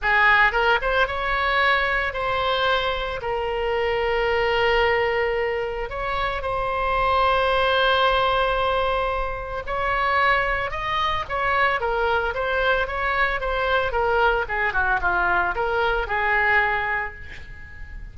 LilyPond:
\new Staff \with { instrumentName = "oboe" } { \time 4/4 \tempo 4 = 112 gis'4 ais'8 c''8 cis''2 | c''2 ais'2~ | ais'2. cis''4 | c''1~ |
c''2 cis''2 | dis''4 cis''4 ais'4 c''4 | cis''4 c''4 ais'4 gis'8 fis'8 | f'4 ais'4 gis'2 | }